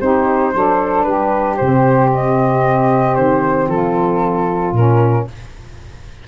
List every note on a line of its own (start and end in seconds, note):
0.00 0.54 C4
0.00 0.54 D#4
0.00 0.53 G4
0.00 1.02 C5
0.54 1.06 F#3
0.54 1.59 D4
0.54 1.06 A4
1.02 1.58 G3
1.02 3.69 G4
1.02 1.55 B4
1.57 3.18 C3
1.57 4.75 C4
1.57 2.09 C5
2.14 3.15 D#5
3.15 3.67 D#3
3.15 3.68 C5
3.67 4.72 F3
3.67 5.28 F4
3.67 4.75 A4
4.72 5.25 A#2
4.72 5.28 C#4
4.72 5.28 A#4